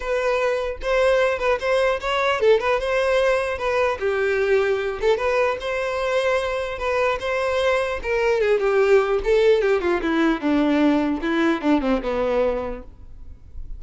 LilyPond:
\new Staff \with { instrumentName = "violin" } { \time 4/4 \tempo 4 = 150 b'2 c''4. b'8 | c''4 cis''4 a'8 b'8 c''4~ | c''4 b'4 g'2~ | g'8 a'8 b'4 c''2~ |
c''4 b'4 c''2 | ais'4 gis'8 g'4. a'4 | g'8 f'8 e'4 d'2 | e'4 d'8 c'8 b2 | }